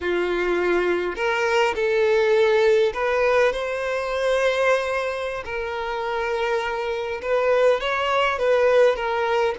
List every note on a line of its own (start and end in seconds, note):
0.01 1.15 F4
1.15 1.74 A#4
1.75 2.93 A4
2.93 3.52 B4
3.52 5.43 C5
5.44 7.21 A#4
7.21 7.80 B4
7.80 8.38 C#5
8.38 8.96 B4
8.96 9.55 A#4